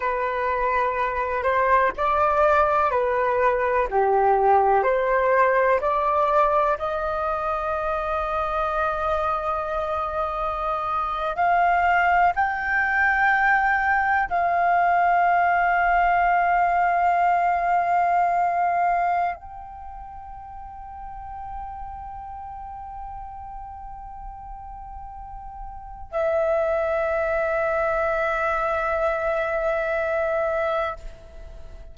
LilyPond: \new Staff \with { instrumentName = "flute" } { \time 4/4 \tempo 4 = 62 b'4. c''8 d''4 b'4 | g'4 c''4 d''4 dis''4~ | dis''2.~ dis''8. f''16~ | f''8. g''2 f''4~ f''16~ |
f''1 | g''1~ | g''2. e''4~ | e''1 | }